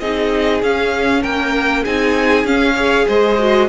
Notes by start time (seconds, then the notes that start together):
0.00 C4 D#4 G#4 D#5
0.63 C#4 F5
1.22 A#3 A#4 G5
1.82 C4 D#4 G#4 G#5
2.45 C#4 F5
2.75 G#4 C#5
3.07 G#3 C5 D#5
3.39 F#4